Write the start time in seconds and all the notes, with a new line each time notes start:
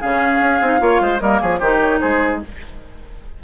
0.00 C#3 C#4 G#4 F5
0.40 C#4
0.61 C4 D#4
0.79 A#3 F4 C#5
1.00 G#3 C5
1.20 G3 A#3 A#4 D#5
1.40 F3 G#4 C#5
1.58 D#3 D#4 G4 C5
1.80 C#5
1.99 G#3 G#4 C5